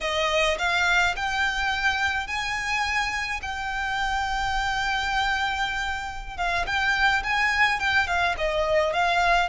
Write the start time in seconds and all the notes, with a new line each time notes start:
0.01 D#5
0.58 F5
1.16 G5
2.27 G#5
3.41 G5
6.37 F5
6.66 G5
7.23 G#5
7.79 G5
8.07 F5
8.37 D#5
8.93 F5